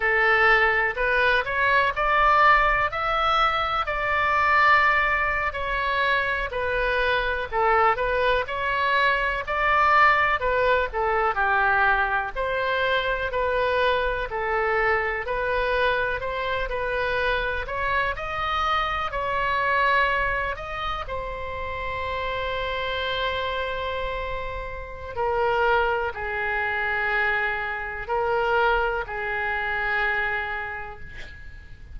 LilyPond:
\new Staff \with { instrumentName = "oboe" } { \time 4/4 \tempo 4 = 62 a'4 b'8 cis''8 d''4 e''4 | d''4.~ d''16 cis''4 b'4 a'16~ | a'16 b'8 cis''4 d''4 b'8 a'8 g'16~ | g'8. c''4 b'4 a'4 b'16~ |
b'8. c''8 b'4 cis''8 dis''4 cis''16~ | cis''4~ cis''16 dis''8 c''2~ c''16~ | c''2 ais'4 gis'4~ | gis'4 ais'4 gis'2 | }